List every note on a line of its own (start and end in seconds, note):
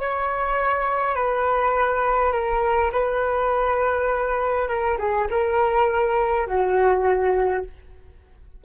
0.00 1.16 C#5
1.16 2.33 B4
2.33 2.92 A#4
2.93 4.68 B4
4.68 4.98 A#4
4.99 5.28 G#4
5.31 6.47 A#4
6.47 7.65 F#4